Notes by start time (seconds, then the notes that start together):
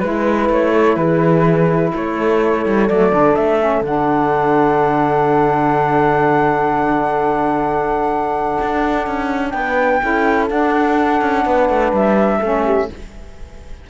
0.00 G#3 E4 B4
0.49 A3 C#5
0.73 A4
0.96 E3 G#4 B4
1.94 A3 A4 C#5
2.66 G3
2.89 F#3 A3 D5
3.12 D3 D4
3.35 A3 E5
3.59 C#4
3.82 D3 D4 F#5
8.61 D4
9.07 C#4
9.51 B3 B4 G5
10.01 C#4 E4 A4
10.50 D4 F#5
11.22 C#4
11.46 B3 B4
11.70 A3
11.92 G3 E5
12.40 A3 C#4 A4
12.66 G4